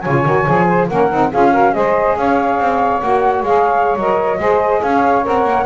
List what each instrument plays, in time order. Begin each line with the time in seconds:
0.00 double bass C#3, saxophone F4 C#5, flute G#5
0.24 double bass D#3, saxophone F#4
0.45 double bass F3, saxophone G#4
0.67 saxophone C5
0.87 double bass A#3, saxophone C#4 A#4, flute F#5
1.10 double bass C4, saxophone D#4
1.29 double bass C#4, saxophone F4 G#4, flute F5
1.52 saxophone F#4 A#4
1.72 double bass G#3, saxophone G#4 C5, flute D#5
2.17 double bass C#4, saxophone C#5, flute F5
2.58 double bass C4
3.00 double bass A#3, saxophone F#4, flute F#5
3.42 double bass G#3, saxophone G#4, flute F5
3.95 double bass F#3, saxophone A#4, flute D#5
4.38 double bass G#3, saxophone G#4 C5
4.81 double bass C#4, saxophone C#5, flute F5
5.23 double bass C4, saxophone A#4, flute F#5
5.44 double bass A#3